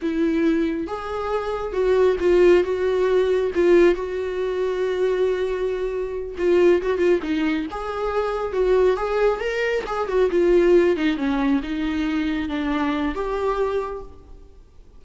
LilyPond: \new Staff \with { instrumentName = "viola" } { \time 4/4 \tempo 4 = 137 e'2 gis'2 | fis'4 f'4 fis'2 | f'4 fis'2.~ | fis'2~ fis'8 f'4 fis'8 |
f'8 dis'4 gis'2 fis'8~ | fis'8 gis'4 ais'4 gis'8 fis'8 f'8~ | f'4 dis'8 cis'4 dis'4.~ | dis'8 d'4. g'2 | }